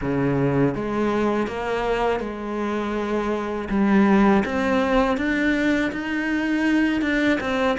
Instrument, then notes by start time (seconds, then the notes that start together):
cello
0.01 C#3
0.74 G#3
1.47 A#3
2.20 G#3
3.69 G3
4.45 C4
5.17 D4
5.92 D#4
7.01 D4
7.40 C4